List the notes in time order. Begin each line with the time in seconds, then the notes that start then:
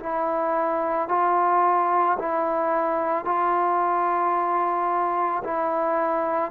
0.00 E4
1.09 F4
2.19 E4
3.25 F4
5.44 E4